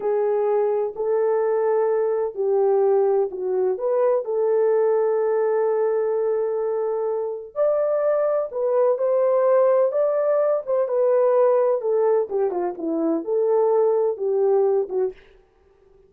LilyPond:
\new Staff \with { instrumentName = "horn" } { \time 4/4 \tempo 4 = 127 gis'2 a'2~ | a'4 g'2 fis'4 | b'4 a'2.~ | a'1 |
d''2 b'4 c''4~ | c''4 d''4. c''8 b'4~ | b'4 a'4 g'8 f'8 e'4 | a'2 g'4. fis'8 | }